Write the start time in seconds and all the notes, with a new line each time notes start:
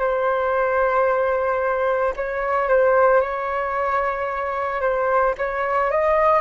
0.00 C5
2.17 C#5
2.69 C5
3.21 C#5
4.81 C5
5.38 C#5
5.91 D#5